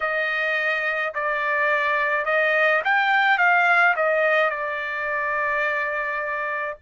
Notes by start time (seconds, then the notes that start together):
0.00 D#5
1.14 D5
2.25 D#5
2.84 G5
3.38 F5
3.96 D#5
4.50 D5